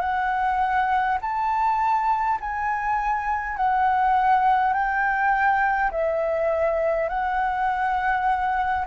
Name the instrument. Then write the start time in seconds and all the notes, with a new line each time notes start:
flute
0.00 F#5
1.21 A5
2.40 G#5
3.57 F#5
4.73 G5
5.91 E5
7.09 F#5